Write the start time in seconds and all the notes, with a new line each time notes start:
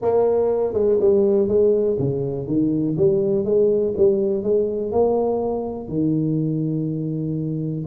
0.01 A#3
0.73 G#3
1.00 G3
1.48 G#3
1.99 C#3
2.47 D#3
2.97 G3
3.44 G#3
3.97 G3
4.43 G#3
4.91 A#3
5.88 D#3